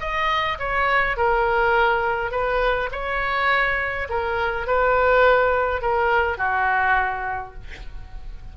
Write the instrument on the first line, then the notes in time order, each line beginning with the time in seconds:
oboe
0.00 D#5
0.59 C#5
1.17 A#4
2.31 B4
2.92 C#5
4.09 A#4
4.67 B4
5.82 A#4
6.38 F#4